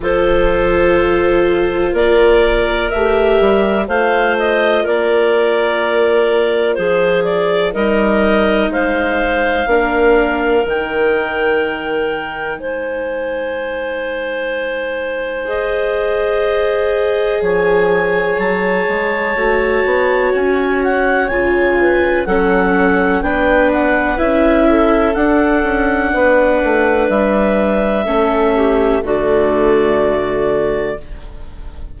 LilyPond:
<<
  \new Staff \with { instrumentName = "clarinet" } { \time 4/4 \tempo 4 = 62 c''2 d''4 e''4 | f''8 dis''8 d''2 c''8 d''8 | dis''4 f''2 g''4~ | g''4 gis''2. |
dis''2 gis''4 a''4~ | a''4 gis''8 fis''8 gis''4 fis''4 | g''8 fis''8 e''4 fis''2 | e''2 d''2 | }
  \new Staff \with { instrumentName = "clarinet" } { \time 4/4 a'2 ais'2 | c''4 ais'2 gis'4 | ais'4 c''4 ais'2~ | ais'4 c''2.~ |
c''2 cis''2~ | cis''2~ cis''8 b'8 a'4 | b'4. a'4. b'4~ | b'4 a'8 g'8 fis'2 | }
  \new Staff \with { instrumentName = "viola" } { \time 4/4 f'2. g'4 | f'1 | dis'2 d'4 dis'4~ | dis'1 |
gis'1 | fis'2 f'4 cis'4 | d'4 e'4 d'2~ | d'4 cis'4 a2 | }
  \new Staff \with { instrumentName = "bassoon" } { \time 4/4 f2 ais4 a8 g8 | a4 ais2 f4 | g4 gis4 ais4 dis4~ | dis4 gis2.~ |
gis2 f4 fis8 gis8 | a8 b8 cis'4 cis4 fis4 | b4 cis'4 d'8 cis'8 b8 a8 | g4 a4 d2 | }
>>